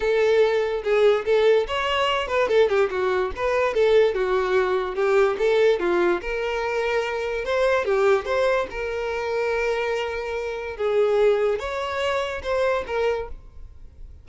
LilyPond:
\new Staff \with { instrumentName = "violin" } { \time 4/4 \tempo 4 = 145 a'2 gis'4 a'4 | cis''4. b'8 a'8 g'8 fis'4 | b'4 a'4 fis'2 | g'4 a'4 f'4 ais'4~ |
ais'2 c''4 g'4 | c''4 ais'2.~ | ais'2 gis'2 | cis''2 c''4 ais'4 | }